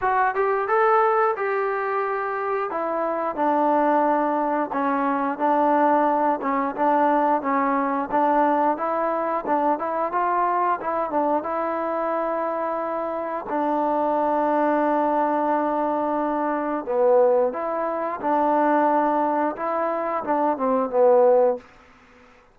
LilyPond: \new Staff \with { instrumentName = "trombone" } { \time 4/4 \tempo 4 = 89 fis'8 g'8 a'4 g'2 | e'4 d'2 cis'4 | d'4. cis'8 d'4 cis'4 | d'4 e'4 d'8 e'8 f'4 |
e'8 d'8 e'2. | d'1~ | d'4 b4 e'4 d'4~ | d'4 e'4 d'8 c'8 b4 | }